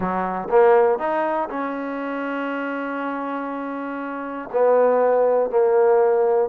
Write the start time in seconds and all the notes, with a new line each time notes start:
0.00 F#3
0.50 A#3
0.99 D#4
1.49 C#4
4.52 B3
5.50 A#3